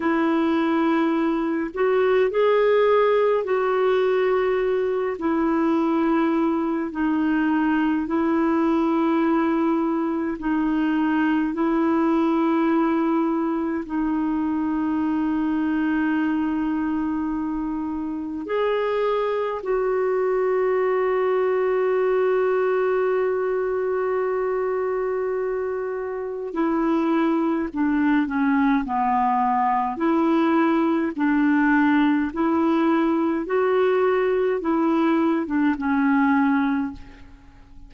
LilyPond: \new Staff \with { instrumentName = "clarinet" } { \time 4/4 \tempo 4 = 52 e'4. fis'8 gis'4 fis'4~ | fis'8 e'4. dis'4 e'4~ | e'4 dis'4 e'2 | dis'1 |
gis'4 fis'2.~ | fis'2. e'4 | d'8 cis'8 b4 e'4 d'4 | e'4 fis'4 e'8. d'16 cis'4 | }